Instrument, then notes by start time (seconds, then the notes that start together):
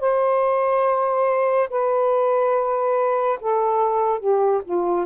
saxophone
0.00 C5
1.70 B4
3.40 A4
4.19 G4
4.64 F4